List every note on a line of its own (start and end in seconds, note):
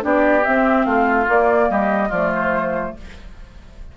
0.00 0.45 B3
0.00 0.41 D4
0.00 0.86 G4
0.00 0.44 D5
0.44 1.26 C4
0.44 0.85 C4
0.44 0.85 E5
0.85 1.27 A3
0.85 1.69 F4
0.85 1.27 F5
1.26 2.09 A#3
1.26 1.69 A#3
1.26 1.70 D5
1.70 2.11 G3
1.70 2.08 G4
1.70 2.11 D#5
2.08 2.94 F3
2.08 2.97 A3
2.08 2.91 F4
2.08 2.32 D5
2.34 2.97 C5